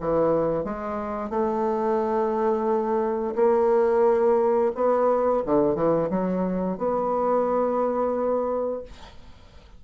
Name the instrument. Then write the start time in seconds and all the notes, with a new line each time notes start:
bassoon
0.00 E3
0.64 G#3
1.30 A3
3.35 A#3
4.74 B3
5.45 D3
5.75 E3
6.10 F#3
6.78 B3